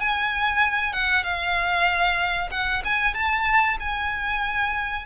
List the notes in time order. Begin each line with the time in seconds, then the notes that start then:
0.00 G#5
0.93 F#5
1.23 F5
2.51 F#5
2.84 G#5
3.14 A5
3.80 G#5